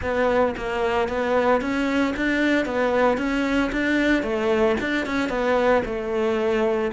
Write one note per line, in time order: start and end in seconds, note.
0.02 0.55 B3
0.56 1.08 A#3
1.08 1.61 B3
1.61 2.14 C#4
2.16 2.65 D4
2.65 3.17 B3
3.17 3.70 C#4
3.72 4.22 D4
4.22 4.75 A3
4.80 5.06 D4
5.06 5.29 C#4
5.29 5.82 B3
5.85 6.91 A3